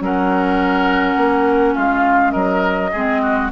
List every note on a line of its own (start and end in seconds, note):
0.00 1.17 F#3
0.00 2.91 C#4
0.00 1.75 A#4
0.00 1.76 F#5
1.17 1.75 A#3
1.75 2.35 G#3
1.75 2.32 F4
1.75 2.32 F5
2.32 2.93 F#3
2.32 2.91 A#4
2.32 3.48 D#5
2.92 3.52 G#3
2.92 3.52 C4
2.92 3.21 G#4
3.22 3.51 F#4